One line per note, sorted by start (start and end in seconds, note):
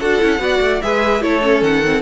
0.00 0.22 D4
0.00 0.21 F#4
0.00 0.41 A4
0.00 0.82 F#5
0.21 0.39 C#4
0.21 0.39 E4
0.39 0.60 B3
0.39 0.80 F#4
0.39 0.83 D5
0.61 0.81 A3
0.82 1.23 G#3
0.82 1.22 G#4
0.82 1.23 B4
0.82 1.22 E5
1.22 1.62 A3
1.22 1.42 E4
1.22 2.02 A4
1.22 1.63 C#5
1.42 1.82 C#4
1.62 2.02 D#3
1.62 2.02 F#5
1.85 2.02 C4